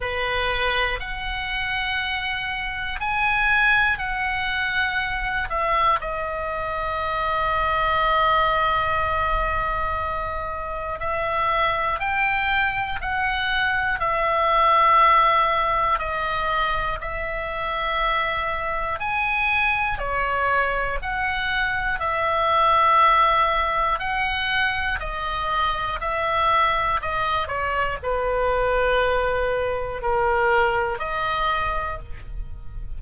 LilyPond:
\new Staff \with { instrumentName = "oboe" } { \time 4/4 \tempo 4 = 60 b'4 fis''2 gis''4 | fis''4. e''8 dis''2~ | dis''2. e''4 | g''4 fis''4 e''2 |
dis''4 e''2 gis''4 | cis''4 fis''4 e''2 | fis''4 dis''4 e''4 dis''8 cis''8 | b'2 ais'4 dis''4 | }